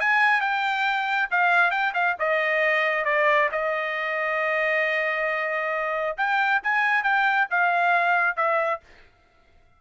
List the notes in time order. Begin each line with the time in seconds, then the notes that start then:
0.00 G#5
0.41 G5
1.31 F5
1.71 G5
1.94 F5
2.19 D#5
3.05 D5
3.52 D#5
6.17 G5
6.63 G#5
7.03 G5
7.50 F5
8.36 E5